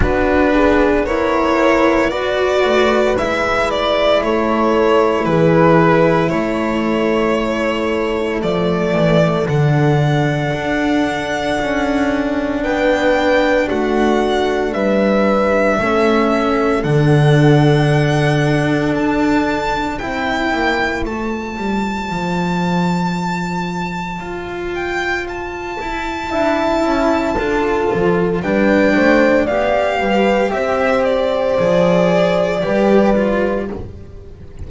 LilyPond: <<
  \new Staff \with { instrumentName = "violin" } { \time 4/4 \tempo 4 = 57 b'4 cis''4 d''4 e''8 d''8 | cis''4 b'4 cis''2 | d''4 fis''2. | g''4 fis''4 e''2 |
fis''2 a''4 g''4 | a''2.~ a''8 g''8 | a''2. g''4 | f''4 e''8 d''2~ d''8 | }
  \new Staff \with { instrumentName = "horn" } { \time 4/4 fis'8 gis'8 ais'4 b'2 | a'4 gis'4 a'2~ | a'1 | b'4 fis'4 b'4 a'4~ |
a'2. c''4~ | c''1~ | c''4 e''4 a'4 b'8 c''8 | d''8 b'8 c''2 b'4 | }
  \new Staff \with { instrumentName = "cello" } { \time 4/4 d'4 e'4 fis'4 e'4~ | e'1 | a4 d'2.~ | d'2. cis'4 |
d'2. e'4 | f'1~ | f'4 e'4 f'4 d'4 | g'2 gis'4 g'8 f'8 | }
  \new Staff \with { instrumentName = "double bass" } { \time 4/4 b2~ b8 a8 gis4 | a4 e4 a2 | f8 e8 d4 d'4 cis'4 | b4 a4 g4 a4 |
d2 d'4 c'8 ais8 | a8 g8 f2 f'4~ | f'8 e'8 d'8 cis'8 d'8 f8 g8 a8 | b8 g8 c'4 f4 g4 | }
>>